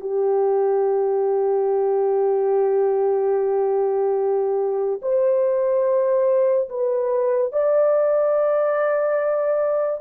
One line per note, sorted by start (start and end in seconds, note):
0.00 5.00 G4
5.02 6.69 C5
6.69 7.52 B4
7.52 10.00 D5